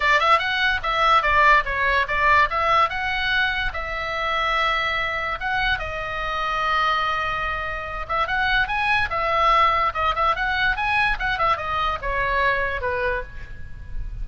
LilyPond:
\new Staff \with { instrumentName = "oboe" } { \time 4/4 \tempo 4 = 145 d''8 e''8 fis''4 e''4 d''4 | cis''4 d''4 e''4 fis''4~ | fis''4 e''2.~ | e''4 fis''4 dis''2~ |
dis''2.~ dis''8 e''8 | fis''4 gis''4 e''2 | dis''8 e''8 fis''4 gis''4 fis''8 e''8 | dis''4 cis''2 b'4 | }